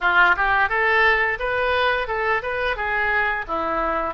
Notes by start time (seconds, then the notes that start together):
0.01 F4
0.36 G4
0.69 A4
1.39 B4
2.07 A4
2.42 B4
2.76 G#4
3.47 E4